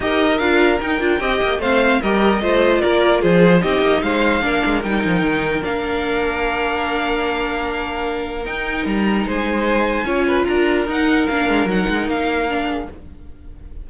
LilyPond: <<
  \new Staff \with { instrumentName = "violin" } { \time 4/4 \tempo 4 = 149 dis''4 f''4 g''2 | f''4 dis''2 d''4 | c''4 dis''4 f''2 | g''2 f''2~ |
f''1~ | f''4 g''4 ais''4 gis''4~ | gis''2 ais''4 fis''4 | f''4 fis''4 f''2 | }
  \new Staff \with { instrumentName = "violin" } { \time 4/4 ais'2. dis''4 | c''4 ais'4 c''4 ais'4 | gis'4 g'4 c''4 ais'4~ | ais'1~ |
ais'1~ | ais'2. c''4~ | c''4 cis''8 b'8 ais'2~ | ais'2.~ ais'8 gis'8 | }
  \new Staff \with { instrumentName = "viola" } { \time 4/4 g'4 f'4 dis'8 f'8 g'4 | c'4 g'4 f'2~ | f'4 dis'2 d'4 | dis'2 d'2~ |
d'1~ | d'4 dis'2.~ | dis'4 f'2 dis'4 | d'4 dis'2 d'4 | }
  \new Staff \with { instrumentName = "cello" } { \time 4/4 dis'4 d'4 dis'8 d'8 c'8 ais8 | a4 g4 a4 ais4 | f4 c'8 ais8 gis4 ais8 gis8 | g8 f8 dis4 ais2~ |
ais1~ | ais4 dis'4 g4 gis4~ | gis4 cis'4 d'4 dis'4 | ais8 gis8 fis8 gis8 ais2 | }
>>